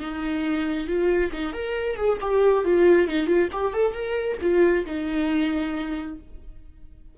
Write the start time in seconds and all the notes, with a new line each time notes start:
0.00 D#4
0.87 F4
1.32 D#4
1.53 A#4
1.96 G#4
2.21 G4
2.65 F4
3.08 D#4
3.27 F4
3.52 G4
3.74 A4
3.93 A#4
4.42 F4
4.86 D#4